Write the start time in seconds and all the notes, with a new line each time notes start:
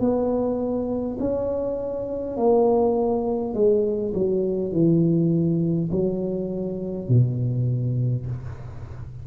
0.00 B3
1.20 C#4
2.37 A#3
3.54 G#3
4.14 F#3
4.72 E3
5.92 F#3
7.09 B2